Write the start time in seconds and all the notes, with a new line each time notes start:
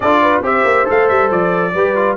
0.00 D4 F4 A4 D5
0.21 B4
0.41 C4 G4 C5 E5
0.64 A#3
0.85 A3 A4 F5
1.08 G3 E5
1.30 F3 D5
1.73 G3 G4 B4
1.95 F4